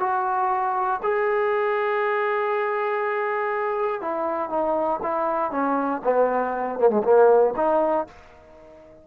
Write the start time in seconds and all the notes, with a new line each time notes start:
0.00 F#4
1.03 G#4
4.02 E4
4.50 D#4
5.03 E4
5.51 C#4
6.05 B3
6.80 A#3
6.90 G#3
7.04 A#3
7.57 D#4